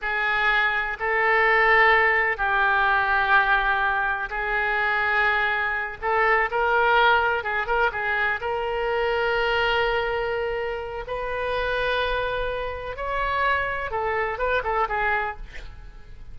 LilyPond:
\new Staff \with { instrumentName = "oboe" } { \time 4/4 \tempo 4 = 125 gis'2 a'2~ | a'4 g'2.~ | g'4 gis'2.~ | gis'8 a'4 ais'2 gis'8 |
ais'8 gis'4 ais'2~ ais'8~ | ais'2. b'4~ | b'2. cis''4~ | cis''4 a'4 b'8 a'8 gis'4 | }